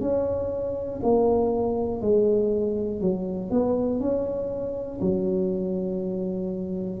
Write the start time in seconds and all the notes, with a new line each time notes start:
0.00 C#4
1.02 A#3
2.00 G#3
3.00 F#3
3.50 B3
4.00 C#4
5.00 F#3